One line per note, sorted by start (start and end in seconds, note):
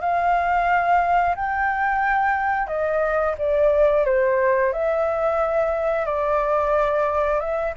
0.00 1.35 F5
1.35 2.67 G5
2.67 3.34 D#5
3.38 4.05 D5
4.05 4.73 C5
4.73 6.05 E5
6.05 7.40 D5
7.40 7.73 E5